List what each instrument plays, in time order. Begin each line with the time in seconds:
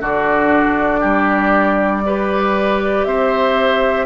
0.00 bassoon D3, clarinet D4, oboe F#4, flute D5
1.00 bassoon G3, oboe G4
2.06 clarinet G4, oboe B4
3.05 bassoon C4, oboe C5, flute E5